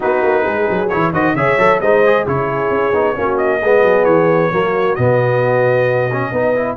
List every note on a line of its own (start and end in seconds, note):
0.00 0.22 B3
0.00 0.87 D#4
0.00 0.43 F#4
0.00 0.88 B4
0.22 0.44 A#3
0.43 0.68 G#3
0.43 1.11 G#4
0.69 0.92 F#3
0.88 1.12 E3
0.88 1.13 E4
0.88 1.11 C#5
1.12 1.34 D#3
1.12 1.36 F#4
1.12 1.36 C5
1.12 1.35 D#5
1.34 1.57 C#3
1.34 1.58 G#4
1.34 1.80 C#5
1.34 1.80 E5
1.57 1.80 F#3
1.57 1.81 A4
1.80 2.26 G#3
1.80 2.05 D#4
1.80 2.25 C5
1.80 2.25 D#5
2.05 2.27 G#4
2.26 2.70 C#3
2.26 2.93 E4
2.26 3.16 G#4
2.26 3.37 C#5
2.70 2.92 C#4
2.93 3.15 B3
2.93 3.15 D#4
3.15 3.62 A#3
3.15 3.60 C#4
3.15 3.60 F#4
3.37 4.04 D#5
3.60 3.83 G#3
3.60 4.52 B3
3.60 4.50 G#4
3.83 4.05 F#3
4.04 4.50 E3
4.04 4.95 C#5
4.51 4.97 F#3
4.51 4.97 A#3
4.51 6.31 F#4
4.95 6.31 B2
4.95 6.10 B3
4.95 6.75 D#5
6.11 6.33 C#4
6.31 6.76 B3
6.31 6.55 D#4
6.31 6.76 B4
6.55 6.76 E4